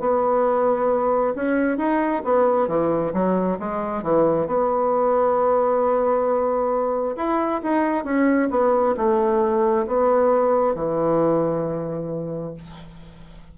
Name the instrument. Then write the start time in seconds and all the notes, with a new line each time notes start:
bassoon
0.00 B3
1.35 C#4
1.77 D#4
2.24 B3
2.67 E3
3.13 F#3
3.59 G#3
4.03 E3
4.47 B3
7.16 E4
7.63 D#4
8.04 C#4
8.50 B3
8.97 A3
9.87 B3
10.75 E3